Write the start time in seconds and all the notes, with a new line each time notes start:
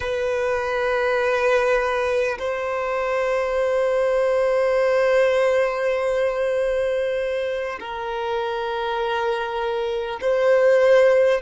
0.00 B4
2.38 C5
7.79 A#4
10.21 C5